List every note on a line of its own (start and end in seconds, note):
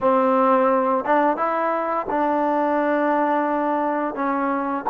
0.00 1.04 C4
1.04 1.36 D4
1.36 2.06 E4
2.09 4.14 D4
4.14 4.84 C#4